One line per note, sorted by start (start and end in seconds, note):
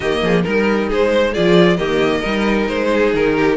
0.00 0.22 D#3
0.00 0.43 A#3
0.00 0.21 G4
0.00 0.42 D#5
0.22 0.44 F3
0.22 0.44 G#4
0.43 0.91 G3
0.43 1.33 D#4
0.43 0.87 A#4
0.43 0.88 A#4
0.88 1.36 G#3
0.88 1.11 G#4
0.88 1.33 C5
1.11 1.32 C5
1.32 1.78 F3
1.32 1.78 F4
1.32 1.77 G#4
1.32 1.76 D5
1.76 2.22 D#3
1.76 2.22 A#3
1.76 2.20 G4
1.76 2.66 D#5
2.20 2.68 G3
2.20 3.57 D#4
2.20 2.87 A#4
2.68 3.13 G#3
2.68 3.13 C5
2.92 3.37 G#4
3.13 3.57 D#3
3.13 3.57 A#4
3.37 3.57 G4